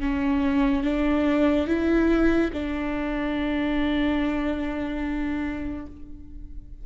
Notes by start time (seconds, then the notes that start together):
0.00 C#4
0.83 D4
1.67 E4
2.53 D4